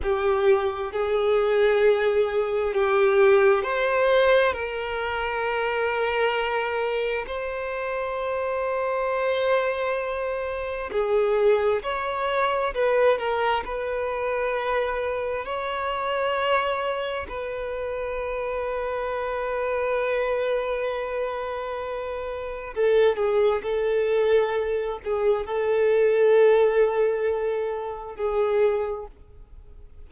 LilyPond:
\new Staff \with { instrumentName = "violin" } { \time 4/4 \tempo 4 = 66 g'4 gis'2 g'4 | c''4 ais'2. | c''1 | gis'4 cis''4 b'8 ais'8 b'4~ |
b'4 cis''2 b'4~ | b'1~ | b'4 a'8 gis'8 a'4. gis'8 | a'2. gis'4 | }